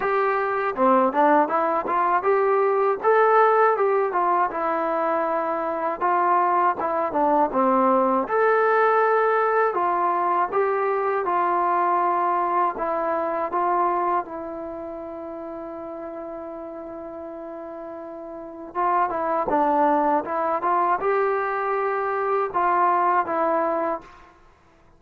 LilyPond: \new Staff \with { instrumentName = "trombone" } { \time 4/4 \tempo 4 = 80 g'4 c'8 d'8 e'8 f'8 g'4 | a'4 g'8 f'8 e'2 | f'4 e'8 d'8 c'4 a'4~ | a'4 f'4 g'4 f'4~ |
f'4 e'4 f'4 e'4~ | e'1~ | e'4 f'8 e'8 d'4 e'8 f'8 | g'2 f'4 e'4 | }